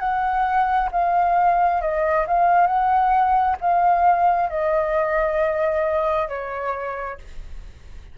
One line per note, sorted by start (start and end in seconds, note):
0.00 0.90 F#5
0.92 1.82 F5
1.82 2.26 D#5
2.28 2.67 F5
2.67 3.57 F#5
3.61 4.50 F5
4.50 6.29 D#5
6.29 7.18 C#5